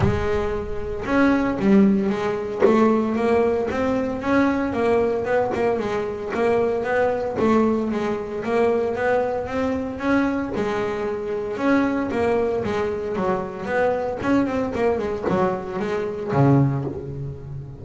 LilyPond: \new Staff \with { instrumentName = "double bass" } { \time 4/4 \tempo 4 = 114 gis2 cis'4 g4 | gis4 a4 ais4 c'4 | cis'4 ais4 b8 ais8 gis4 | ais4 b4 a4 gis4 |
ais4 b4 c'4 cis'4 | gis2 cis'4 ais4 | gis4 fis4 b4 cis'8 c'8 | ais8 gis8 fis4 gis4 cis4 | }